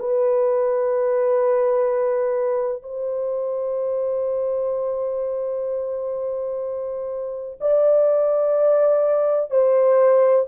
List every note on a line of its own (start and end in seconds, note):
0.00 2.83 B4
2.83 7.59 C5
7.61 9.51 D5
9.51 10.46 C5